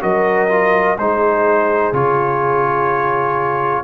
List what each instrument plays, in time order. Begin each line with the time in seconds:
0.00 tuba F#3, trombone F#4, horn A#4, trumpet D#5
0.48 trombone F4
0.97 tuba G#3, trombone D#4, horn G#4, trumpet C5
1.92 tuba C#3, trombone F4, trumpet C#5